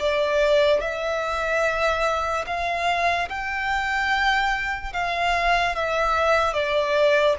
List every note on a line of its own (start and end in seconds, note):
0.00 0.81 D5
0.81 2.45 E5
2.47 3.29 F5
3.29 4.94 G5
4.94 5.75 F5
5.75 6.54 E5
6.54 7.36 D5